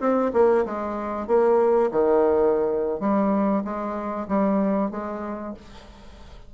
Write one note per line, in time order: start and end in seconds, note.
0.00 0.32 C4
0.33 0.65 A#3
0.65 1.27 G#3
1.27 1.90 A#3
1.91 3.00 D#3
3.00 3.63 G3
3.64 4.27 G#3
4.28 4.91 G3
4.91 5.54 G#3